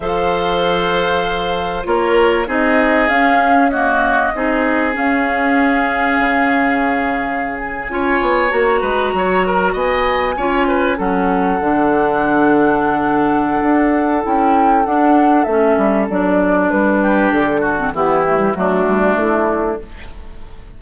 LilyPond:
<<
  \new Staff \with { instrumentName = "flute" } { \time 4/4 \tempo 4 = 97 f''2. cis''4 | dis''4 f''4 dis''2 | f''1~ | f''16 gis''4. ais''2 gis''16~ |
gis''4.~ gis''16 fis''2~ fis''16~ | fis''2. g''4 | fis''4 e''4 d''4 b'4 | a'4 g'4 fis'4 e'4 | }
  \new Staff \with { instrumentName = "oboe" } { \time 4/4 c''2. ais'4 | gis'2 fis'4 gis'4~ | gis'1~ | gis'8. cis''4. b'8 cis''8 ais'8 dis''16~ |
dis''8. cis''8 b'8 a'2~ a'16~ | a'1~ | a'2.~ a'8 g'8~ | g'8 fis'8 e'4 d'2 | }
  \new Staff \with { instrumentName = "clarinet" } { \time 4/4 a'2. f'4 | dis'4 cis'4 ais4 dis'4 | cis'1~ | cis'8. f'4 fis'2~ fis'16~ |
fis'8. f'4 cis'4 d'4~ d'16~ | d'2. e'4 | d'4 cis'4 d'2~ | d'8. c'16 b8 a16 g16 a2 | }
  \new Staff \with { instrumentName = "bassoon" } { \time 4/4 f2. ais4 | c'4 cis'2 c'4 | cis'2 cis2~ | cis8. cis'8 b8 ais8 gis8 fis4 b16~ |
b8. cis'4 fis4 d4~ d16~ | d2 d'4 cis'4 | d'4 a8 g8 fis4 g4 | d4 e4 fis8 g8 a4 | }
>>